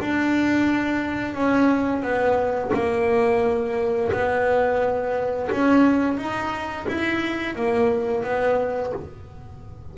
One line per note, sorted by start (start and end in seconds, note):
0.00 1.35 D4
1.35 2.03 C#4
2.03 2.71 B3
2.74 4.12 A#3
4.12 5.50 B3
5.52 6.18 C#4
6.18 6.87 D#4
6.88 7.56 E4
7.56 8.24 A#3
8.24 8.93 B3